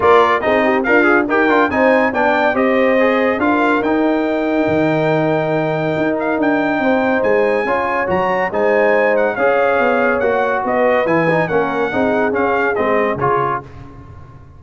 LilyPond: <<
  \new Staff \with { instrumentName = "trumpet" } { \time 4/4 \tempo 4 = 141 d''4 dis''4 f''4 g''4 | gis''4 g''4 dis''2 | f''4 g''2.~ | g''2~ g''8 f''8 g''4~ |
g''4 gis''2 ais''4 | gis''4. fis''8 f''2 | fis''4 dis''4 gis''4 fis''4~ | fis''4 f''4 dis''4 cis''4 | }
  \new Staff \with { instrumentName = "horn" } { \time 4/4 ais'4 gis'8 g'8 f'4 ais'4 | c''4 d''4 c''2 | ais'1~ | ais'1 |
c''2 cis''2 | c''2 cis''2~ | cis''4 b'2 ais'4 | gis'1 | }
  \new Staff \with { instrumentName = "trombone" } { \time 4/4 f'4 dis'4 ais'8 gis'8 g'8 f'8 | dis'4 d'4 g'4 gis'4 | f'4 dis'2.~ | dis'1~ |
dis'2 f'4 fis'4 | dis'2 gis'2 | fis'2 e'8 dis'8 cis'4 | dis'4 cis'4 c'4 f'4 | }
  \new Staff \with { instrumentName = "tuba" } { \time 4/4 ais4 c'4 d'4 dis'8 d'8 | c'4 b4 c'2 | d'4 dis'2 dis4~ | dis2 dis'4 d'4 |
c'4 gis4 cis'4 fis4 | gis2 cis'4 b4 | ais4 b4 e4 ais4 | c'4 cis'4 gis4 cis4 | }
>>